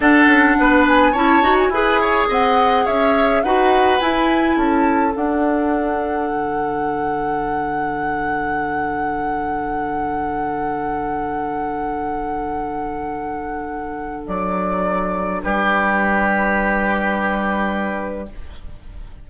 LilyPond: <<
  \new Staff \with { instrumentName = "flute" } { \time 4/4 \tempo 4 = 105 fis''4. gis''8 a''8. gis''4~ gis''16 | fis''4 e''4 fis''4 gis''4 | a''4 fis''2.~ | fis''1~ |
fis''1~ | fis''1~ | fis''4 d''2 b'4~ | b'1 | }
  \new Staff \with { instrumentName = "oboe" } { \time 4/4 a'4 b'4 cis''4 b'8 cis''8 | dis''4 cis''4 b'2 | a'1~ | a'1~ |
a'1~ | a'1~ | a'2. g'4~ | g'1 | }
  \new Staff \with { instrumentName = "clarinet" } { \time 4/4 d'2 e'8 fis'8 gis'4~ | gis'2 fis'4 e'4~ | e'4 d'2.~ | d'1~ |
d'1~ | d'1~ | d'1~ | d'1 | }
  \new Staff \with { instrumentName = "bassoon" } { \time 4/4 d'8 cis'8 b4 cis'8 dis'8 e'4 | c'4 cis'4 dis'4 e'4 | cis'4 d'2 d4~ | d1~ |
d1~ | d1~ | d4 fis2 g4~ | g1 | }
>>